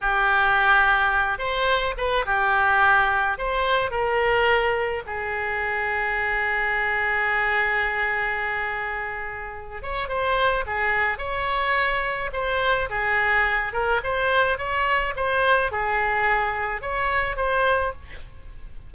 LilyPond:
\new Staff \with { instrumentName = "oboe" } { \time 4/4 \tempo 4 = 107 g'2~ g'8 c''4 b'8 | g'2 c''4 ais'4~ | ais'4 gis'2.~ | gis'1~ |
gis'4. cis''8 c''4 gis'4 | cis''2 c''4 gis'4~ | gis'8 ais'8 c''4 cis''4 c''4 | gis'2 cis''4 c''4 | }